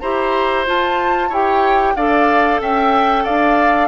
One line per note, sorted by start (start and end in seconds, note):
0.00 0.67 E4
0.00 0.66 G4
0.00 1.29 C5
0.00 0.65 A#5
0.66 1.31 F4
0.66 1.30 F4
0.66 1.33 A5
1.29 1.95 E4
1.29 1.97 G4
1.29 1.93 C#5
1.29 1.96 G5
1.96 2.60 D4
1.96 3.88 A4
1.96 2.61 D5
1.96 2.60 F5
2.60 3.25 C#4
2.60 3.24 E5
2.60 3.26 G5
3.24 3.88 D4
3.24 3.88 D5
3.24 3.88 F5